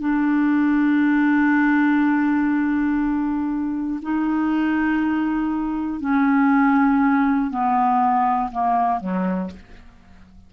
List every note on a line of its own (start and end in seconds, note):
0.00 4.00 D4
4.02 6.00 D#4
6.00 7.50 C#4
7.50 8.50 B3
8.51 9.00 A#3
9.00 9.50 F#3